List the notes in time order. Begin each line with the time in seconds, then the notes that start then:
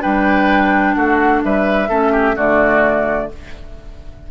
0.00 G3 D4 B4 G5
0.95 A3 F#4 F#5
1.44 G3 B4 E5
1.89 A3 C#4 A4
2.12 G4
2.36 D3 A3 F#4 D5